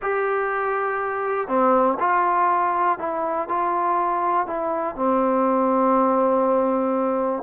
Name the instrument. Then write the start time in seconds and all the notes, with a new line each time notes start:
trombone
0.02 G4
1.48 C4
1.99 F4
2.98 E4
3.48 F4
4.47 E4
4.95 C4